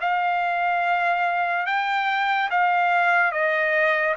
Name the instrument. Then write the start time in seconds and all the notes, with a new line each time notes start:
trumpet
0.00 F5
1.66 G5
2.50 F5
3.31 D#5